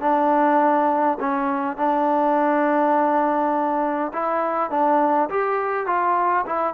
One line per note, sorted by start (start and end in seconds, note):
0.00 1.18 D4
1.20 1.76 C#4
1.76 4.12 D4
4.13 4.70 E4
4.70 5.29 D4
5.29 5.86 G4
5.86 6.45 F4
6.46 6.74 E4